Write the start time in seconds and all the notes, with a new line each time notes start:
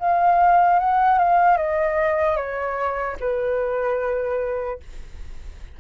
0.00 F5
0.80 F#5
1.19 F5
1.57 D#5
2.37 C#5
3.20 B4